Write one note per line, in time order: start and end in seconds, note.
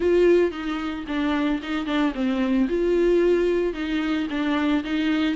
0.00 0.51 F4
0.51 1.04 D#4
1.07 1.61 D4
1.62 1.86 D#4
1.86 2.12 D4
2.14 2.68 C4
2.68 3.73 F4
3.73 4.27 D#4
4.30 4.83 D4
4.84 5.35 D#4